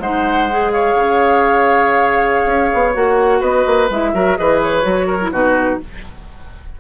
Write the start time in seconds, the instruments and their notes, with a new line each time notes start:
0.00 bassoon G#3, clarinet D#4, oboe C5, flute F#5
0.50 clarinet G#4
0.71 oboe C#5, flute F5
0.95 bassoon C#3
2.46 bassoon C#4
2.74 bassoon B3
2.94 bassoon A#3, clarinet F#4, flute F#5
3.40 bassoon B3, oboe B4, flute D#5
3.66 bassoon A#3
3.90 bassoon G#3, clarinet E4, flute E5
4.14 bassoon F#3, clarinet F#4, oboe A#4
4.37 bassoon E3, clarinet G#4, oboe B4, flute D#5
4.62 flute C#5
4.82 bassoon F#3, clarinet F#4
5.07 oboe A#4
5.21 clarinet E4
5.32 bassoon B2, clarinet D#4, oboe F#4, flute B4